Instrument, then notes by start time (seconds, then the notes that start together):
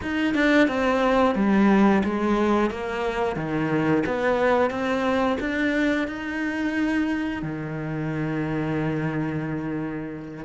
cello
0.02 D#4
0.34 D4
0.67 C4
1.35 G3
2.04 G#3
2.70 A#3
3.36 D#3
4.05 B3
4.70 C4
5.40 D4
6.07 D#4
7.42 D#3